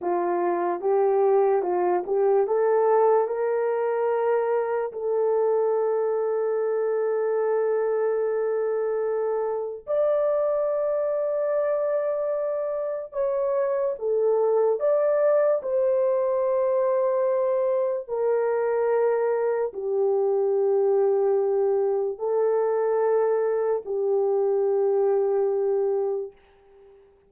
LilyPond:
\new Staff \with { instrumentName = "horn" } { \time 4/4 \tempo 4 = 73 f'4 g'4 f'8 g'8 a'4 | ais'2 a'2~ | a'1 | d''1 |
cis''4 a'4 d''4 c''4~ | c''2 ais'2 | g'2. a'4~ | a'4 g'2. | }